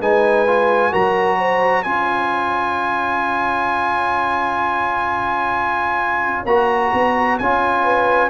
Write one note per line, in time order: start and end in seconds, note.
0.00 0.93 G#3
0.00 0.47 D#4
0.00 0.92 B4
0.00 0.94 G#5
0.47 0.92 F4
0.92 1.86 F#3
0.92 1.84 F#4
0.92 1.38 A#4
0.92 1.83 A#5
1.39 1.83 C5
1.83 6.46 C#4
1.83 6.46 F4
1.83 7.83 C#5
1.83 6.45 G#5
6.46 6.92 A#3
6.46 7.40 F#4
6.46 7.38 A#5
6.94 7.40 B3
7.39 8.30 C#4
7.39 8.30 F4
7.39 8.30 G#5
7.84 8.30 B4